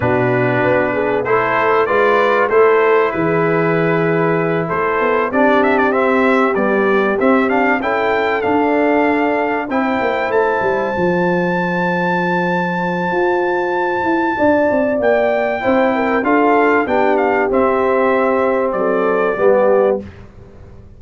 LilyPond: <<
  \new Staff \with { instrumentName = "trumpet" } { \time 4/4 \tempo 4 = 96 b'2 c''4 d''4 | c''4 b'2~ b'8 c''8~ | c''8 d''8 e''16 d''16 e''4 d''4 e''8 | f''8 g''4 f''2 g''8~ |
g''8 a''2.~ a''8~ | a''1 | g''2 f''4 g''8 f''8 | e''2 d''2 | }
  \new Staff \with { instrumentName = "horn" } { \time 4/4 fis'4. gis'8 a'4 b'4 | a'4 gis'2~ gis'8 a'8~ | a'8 g'2.~ g'8~ | g'8 a'2. c''8~ |
c''1~ | c''2. d''4~ | d''4 c''8 ais'8 a'4 g'4~ | g'2 a'4 g'4 | }
  \new Staff \with { instrumentName = "trombone" } { \time 4/4 d'2 e'4 f'4 | e'1~ | e'8 d'4 c'4 g4 c'8 | d'8 e'4 d'2 e'8~ |
e'4. f'2~ f'8~ | f'1~ | f'4 e'4 f'4 d'4 | c'2. b4 | }
  \new Staff \with { instrumentName = "tuba" } { \time 4/4 b,4 b4 a4 gis4 | a4 e2~ e8 a8 | b8 c'2 b4 c'8~ | c'8 cis'4 d'2 c'8 |
ais8 a8 g8 f2~ f8~ | f4 f'4. e'8 d'8 c'8 | ais4 c'4 d'4 b4 | c'2 fis4 g4 | }
>>